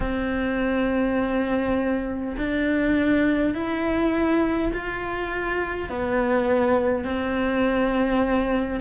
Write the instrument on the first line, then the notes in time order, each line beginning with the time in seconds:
cello
0.00 C4
2.37 D4
3.54 E4
4.73 F4
5.89 B3
7.04 C4